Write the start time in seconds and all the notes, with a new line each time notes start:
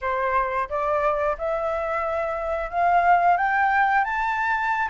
0.01 C5
0.69 D5
1.38 E5
2.70 F5
3.37 G5
4.04 A5